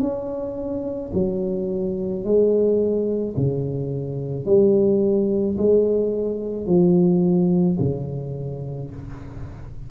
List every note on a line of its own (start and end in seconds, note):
0.00 1.11 C#4
1.14 2.25 F#3
2.25 3.36 G#3
3.37 4.46 C#3
4.46 5.57 G3
5.58 6.67 G#3
6.67 7.78 F3
7.80 8.91 C#3